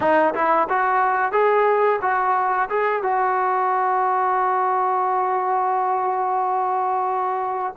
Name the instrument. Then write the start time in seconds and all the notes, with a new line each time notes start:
trombone
0.00 D#4
0.34 E4
0.69 F#4
1.31 G#4
2.01 F#4
2.69 G#4
3.02 F#4